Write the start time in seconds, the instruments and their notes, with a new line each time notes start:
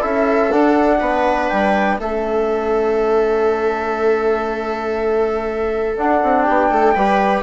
0.00 bassoon C#4, trombone E4, viola A4, flute E5
0.52 trombone D4, bassoon D4, flute F#5
1.00 bassoon B3, viola B4
1.49 bassoon G3, flute G5
1.99 bassoon A3, trombone C#4, viola A4, flute E5
5.97 trombone D4, bassoon D4, flute F#5
6.23 bassoon C4
6.42 viola G4, flute G5
6.49 bassoon B3
6.70 bassoon A3, viola A4
6.95 bassoon G3, trombone G4, viola B4